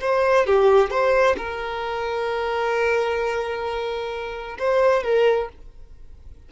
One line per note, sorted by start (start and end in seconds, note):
0.00 0.46 C5
0.46 0.90 G4
0.90 1.36 C5
1.37 4.57 A#4
4.58 5.03 C5
5.03 5.48 A#4